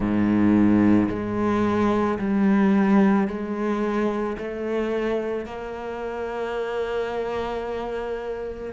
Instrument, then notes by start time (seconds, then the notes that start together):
cello
0.00 G#2
1.09 G#3
2.18 G3
3.27 G#3
4.37 A3
5.45 A#3